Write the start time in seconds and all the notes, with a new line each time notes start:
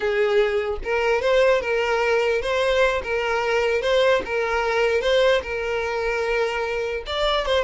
0.00 G#4
0.84 A#4
1.21 C5
1.61 A#4
2.41 C5
3.03 A#4
3.81 C5
4.25 A#4
5.01 C5
5.42 A#4
7.06 D5
7.46 C5